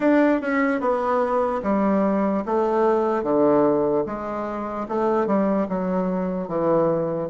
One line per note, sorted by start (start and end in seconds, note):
0.00 0.41 D4
0.41 0.80 C#4
0.80 1.61 B3
1.62 2.43 G3
2.45 3.23 A3
3.23 4.04 D3
4.05 4.86 G#3
4.88 5.26 A3
5.26 5.67 G3
5.69 6.48 F#3
6.48 7.29 E3